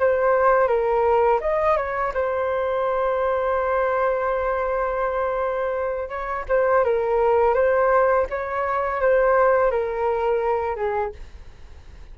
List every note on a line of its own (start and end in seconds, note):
0.00 0.68 C5
0.68 1.41 A#4
1.41 1.77 D#5
1.77 2.13 C#5
2.15 6.10 C5
6.10 6.46 C#5
6.49 6.85 C5
6.85 7.55 A#4
7.55 8.27 C5
8.30 9.02 C#5
9.02 9.72 C5
9.72 10.76 A#4
10.76 11.13 G#4